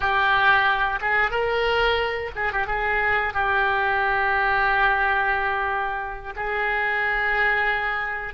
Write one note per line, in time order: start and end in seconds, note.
0.00 0.99 G4
1.01 1.31 G#4
1.31 2.31 A#4
2.35 2.52 G#4
2.52 2.67 G4
2.67 3.33 G#4
3.33 6.33 G4
6.35 8.34 G#4